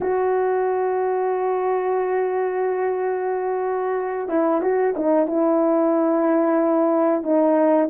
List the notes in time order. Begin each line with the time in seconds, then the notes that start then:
0.00 F#4
4.29 E4
4.61 F#4
4.96 D#4
5.27 E4
7.23 D#4